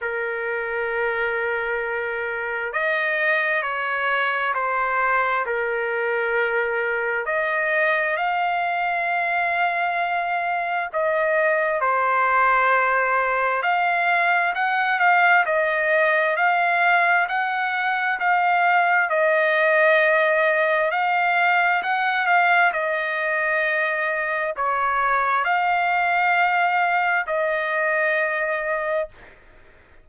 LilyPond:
\new Staff \with { instrumentName = "trumpet" } { \time 4/4 \tempo 4 = 66 ais'2. dis''4 | cis''4 c''4 ais'2 | dis''4 f''2. | dis''4 c''2 f''4 |
fis''8 f''8 dis''4 f''4 fis''4 | f''4 dis''2 f''4 | fis''8 f''8 dis''2 cis''4 | f''2 dis''2 | }